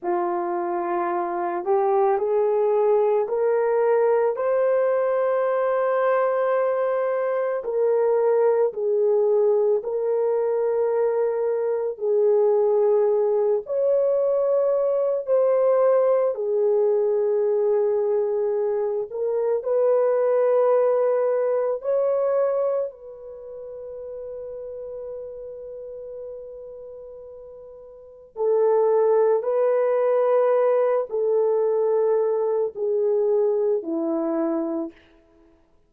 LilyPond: \new Staff \with { instrumentName = "horn" } { \time 4/4 \tempo 4 = 55 f'4. g'8 gis'4 ais'4 | c''2. ais'4 | gis'4 ais'2 gis'4~ | gis'8 cis''4. c''4 gis'4~ |
gis'4. ais'8 b'2 | cis''4 b'2.~ | b'2 a'4 b'4~ | b'8 a'4. gis'4 e'4 | }